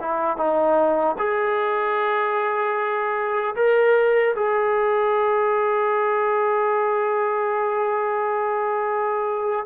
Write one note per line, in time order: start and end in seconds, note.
0.00 0.37 E4
0.37 1.16 D#4
1.18 3.55 G#4
3.55 4.34 A#4
4.35 9.66 G#4